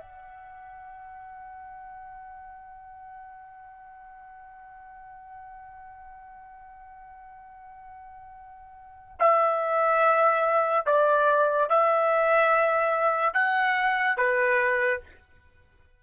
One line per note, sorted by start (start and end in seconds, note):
0.00 9.17 F#5
9.20 10.86 E5
10.86 11.69 D5
11.69 13.34 E5
13.34 14.17 F#5
14.17 15.00 B4